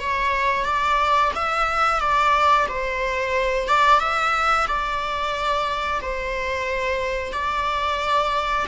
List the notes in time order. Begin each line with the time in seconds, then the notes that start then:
0.00 C#5
0.65 D5
1.35 E5
2.00 D5
2.69 C5
3.68 D5
4.00 E5
4.68 D5
6.02 C5
7.33 D5